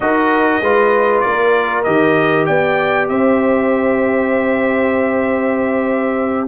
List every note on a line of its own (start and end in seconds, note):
0.00 0.61 D#4
0.00 0.62 F#4
0.00 0.62 A#4
0.00 1.20 D#5
0.61 1.22 G#3
0.61 1.84 F4
0.61 1.24 B4
1.20 1.86 A#3
1.20 2.47 A#4
1.20 1.82 D5
1.83 2.48 D#3
1.83 6.47 G4
1.83 2.45 D#5
2.46 3.09 B3
2.46 3.08 D5
2.46 3.08 G5
3.08 6.47 C4
3.08 6.47 C5
3.08 6.47 E5